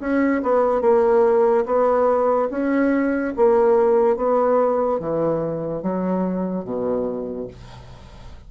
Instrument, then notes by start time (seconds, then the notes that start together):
bassoon
0.00 C#4
0.43 B3
0.81 A#3
1.66 B3
2.50 C#4
3.36 A#3
4.16 B3
5.00 E3
5.83 F#3
6.64 B2